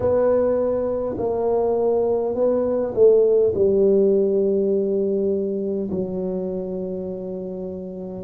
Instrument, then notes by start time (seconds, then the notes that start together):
tuba
0.00 B3
1.18 A#3
2.34 B3
2.94 A3
3.55 G3
5.90 F#3